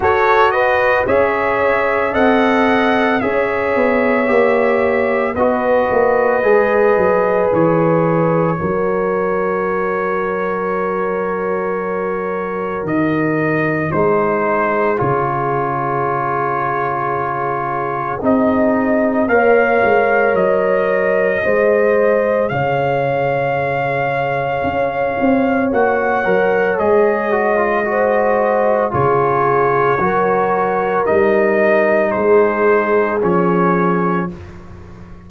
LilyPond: <<
  \new Staff \with { instrumentName = "trumpet" } { \time 4/4 \tempo 4 = 56 cis''8 dis''8 e''4 fis''4 e''4~ | e''4 dis''2 cis''4~ | cis''1 | dis''4 c''4 cis''2~ |
cis''4 dis''4 f''4 dis''4~ | dis''4 f''2. | fis''4 dis''2 cis''4~ | cis''4 dis''4 c''4 cis''4 | }
  \new Staff \with { instrumentName = "horn" } { \time 4/4 a'8 b'8 cis''4 dis''4 cis''4~ | cis''4 b'2. | ais'1~ | ais'4 gis'2.~ |
gis'2 cis''2 | c''4 cis''2.~ | cis''2 c''4 gis'4 | ais'2 gis'2 | }
  \new Staff \with { instrumentName = "trombone" } { \time 4/4 fis'4 gis'4 a'4 gis'4 | g'4 fis'4 gis'2 | fis'1~ | fis'4 dis'4 f'2~ |
f'4 dis'4 ais'2 | gis'1 | fis'8 ais'8 gis'8 fis'16 f'16 fis'4 f'4 | fis'4 dis'2 cis'4 | }
  \new Staff \with { instrumentName = "tuba" } { \time 4/4 fis'4 cis'4 c'4 cis'8 b8 | ais4 b8 ais8 gis8 fis8 e4 | fis1 | dis4 gis4 cis2~ |
cis4 c'4 ais8 gis8 fis4 | gis4 cis2 cis'8 c'8 | ais8 fis8 gis2 cis4 | fis4 g4 gis4 f4 | }
>>